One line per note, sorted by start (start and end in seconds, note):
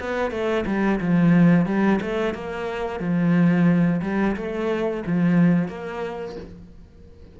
0.00 0.30 B3
0.30 0.64 A3
0.66 1.00 G3
1.00 1.65 F3
1.65 1.99 G3
2.01 2.34 A3
2.34 2.99 A#3
2.99 4.01 F3
4.01 4.35 G3
4.36 5.03 A3
5.06 5.68 F3
5.68 6.35 A#3